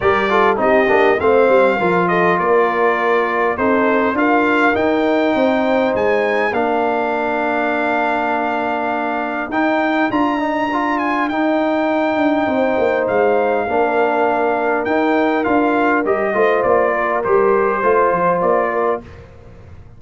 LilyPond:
<<
  \new Staff \with { instrumentName = "trumpet" } { \time 4/4 \tempo 4 = 101 d''4 dis''4 f''4. dis''8 | d''2 c''4 f''4 | g''2 gis''4 f''4~ | f''1 |
g''4 ais''4. gis''8 g''4~ | g''2 f''2~ | f''4 g''4 f''4 dis''4 | d''4 c''2 d''4 | }
  \new Staff \with { instrumentName = "horn" } { \time 4/4 ais'8 a'8 g'4 c''4 ais'8 a'8 | ais'2 a'4 ais'4~ | ais'4 c''2 ais'4~ | ais'1~ |
ais'1~ | ais'4 c''2 ais'4~ | ais'2.~ ais'8 c''8~ | c''8 ais'4. c''4. ais'8 | }
  \new Staff \with { instrumentName = "trombone" } { \time 4/4 g'8 f'8 dis'8 d'8 c'4 f'4~ | f'2 dis'4 f'4 | dis'2. d'4~ | d'1 |
dis'4 f'8 dis'8 f'4 dis'4~ | dis'2. d'4~ | d'4 dis'4 f'4 g'8 f'8~ | f'4 g'4 f'2 | }
  \new Staff \with { instrumentName = "tuba" } { \time 4/4 g4 c'8 ais8 a8 g8 f4 | ais2 c'4 d'4 | dis'4 c'4 gis4 ais4~ | ais1 |
dis'4 d'2 dis'4~ | dis'8 d'8 c'8 ais8 gis4 ais4~ | ais4 dis'4 d'4 g8 a8 | ais4 g4 a8 f8 ais4 | }
>>